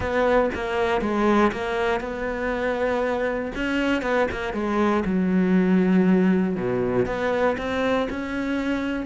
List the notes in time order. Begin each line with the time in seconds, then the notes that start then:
0.00 B3
0.54 A#3
1.01 G#3
1.51 A#3
2.00 B3
3.55 C#4
4.02 B3
4.31 A#3
4.53 G#3
5.05 F#3
6.56 B2
7.06 B3
7.57 C4
8.09 C#4